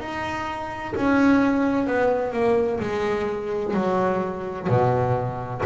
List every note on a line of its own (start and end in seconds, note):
0.00 0.94 D#4
0.95 1.87 C#4
1.87 2.33 B3
2.33 2.80 A#3
2.80 3.74 G#3
3.74 4.68 F#3
4.69 5.62 B2